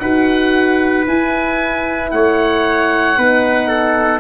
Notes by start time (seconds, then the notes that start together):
0.00 D#4 F#4 B4 F#5
1.07 E4 G#5
2.11 A3 C#5 F#5
3.17 B3 D#4 B4
3.68 A4